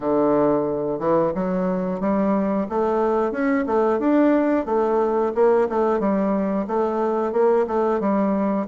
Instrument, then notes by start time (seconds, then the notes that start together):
bassoon
0.00 D3
0.98 E3
1.35 F#3
2.00 G3
2.69 A3
3.31 C#4
3.66 A3
3.99 D4
4.65 A3
5.34 A#3
5.69 A3
5.99 G3
6.67 A3
7.32 A#3
7.67 A3
8.00 G3